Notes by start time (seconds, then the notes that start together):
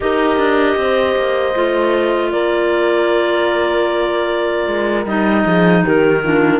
0.00 D#4 G4 A#4 D#5
0.37 D4
0.76 C4 C5
1.16 A#3
1.54 A3 F4
2.31 A#3 A#4 D5
4.66 G#3
5.05 G3 D#4 D#5
5.45 F3 G#4
5.83 D#3 G4 A#4
6.24 D4 F4